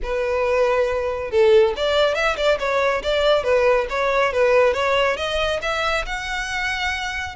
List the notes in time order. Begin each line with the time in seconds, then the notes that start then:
0.02 B4
1.30 A4
1.76 D5
2.14 E5
2.36 D5
2.59 C#5
3.02 D5
3.43 B4
3.89 C#5
4.32 B4
4.73 C#5
5.16 D#5
5.62 E5
6.05 F#5